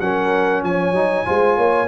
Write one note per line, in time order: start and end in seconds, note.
0.00 0.62 F#3
0.00 0.94 C#4
0.00 0.63 A#4
0.00 0.62 F#5
0.62 0.92 F3
0.62 1.25 C#5
0.62 1.87 G#5
0.92 1.23 F#3
0.92 1.25 D#4
1.25 1.57 G#3
1.25 1.87 F4
1.25 1.57 C5
1.57 1.87 A#3
1.57 1.87 C#5